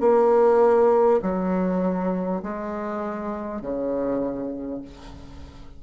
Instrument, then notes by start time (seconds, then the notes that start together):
bassoon
0.00 A#3
1.22 F#3
2.42 G#3
3.61 C#3